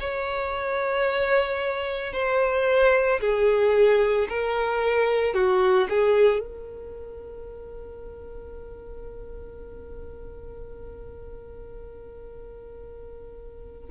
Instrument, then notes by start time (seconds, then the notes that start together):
violin
0.00 C#5
2.13 C5
3.20 G#4
4.29 A#4
5.34 F#4
5.89 G#4
6.39 A#4